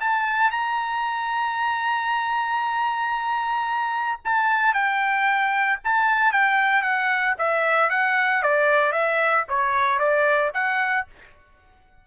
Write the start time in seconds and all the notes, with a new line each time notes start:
0.00 A5
0.51 A#5
4.25 A5
4.74 G5
5.84 A5
6.32 G5
6.82 F#5
7.38 E5
7.90 F#5
8.43 D5
8.92 E5
9.49 C#5
9.99 D5
10.54 F#5